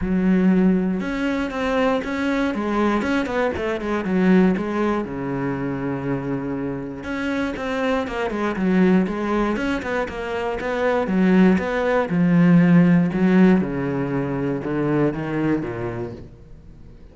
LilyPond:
\new Staff \with { instrumentName = "cello" } { \time 4/4 \tempo 4 = 119 fis2 cis'4 c'4 | cis'4 gis4 cis'8 b8 a8 gis8 | fis4 gis4 cis2~ | cis2 cis'4 c'4 |
ais8 gis8 fis4 gis4 cis'8 b8 | ais4 b4 fis4 b4 | f2 fis4 cis4~ | cis4 d4 dis4 ais,4 | }